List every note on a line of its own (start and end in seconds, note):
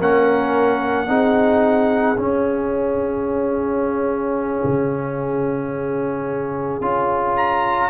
0.00 1.08 A#3
0.00 1.07 C#4
0.00 1.08 A#4
0.00 2.19 F#5
1.07 2.17 C4
1.07 2.16 D#4
1.07 7.90 G#4
2.18 4.63 C#4
2.18 6.82 C#4
2.18 7.37 F5
4.64 6.81 C#3
6.81 7.90 C#4
6.81 7.90 F4
7.37 7.90 A#5